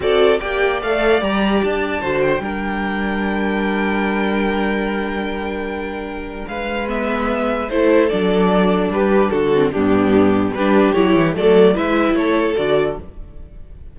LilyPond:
<<
  \new Staff \with { instrumentName = "violin" } { \time 4/4 \tempo 4 = 148 d''4 g''4 f''4 ais''4 | a''4. g''2~ g''8~ | g''1~ | g''1 |
f''4 e''2 c''4 | d''2 b'4 a'4 | g'2 b'4 cis''4 | d''4 e''4 cis''4 d''4 | }
  \new Staff \with { instrumentName = "violin" } { \time 4/4 a'4 d''2.~ | d''4 c''4 ais'2~ | ais'1~ | ais'1 |
b'2. a'4~ | a'2 g'4 fis'4 | d'2 g'2 | a'4 b'4 a'2 | }
  \new Staff \with { instrumentName = "viola" } { \time 4/4 fis'4 g'4 a'4 g'4~ | g'4 fis'4 d'2~ | d'1~ | d'1~ |
d'4 b2 e'4 | d'2.~ d'8 c'8 | b2 d'4 e'4 | a4 e'2 fis'4 | }
  \new Staff \with { instrumentName = "cello" } { \time 4/4 c'4 ais4 a4 g4 | d'4 d4 g2~ | g1~ | g1 |
gis2. a4 | fis2 g4 d4 | g,2 g4 fis8 e8 | fis4 gis4 a4 d4 | }
>>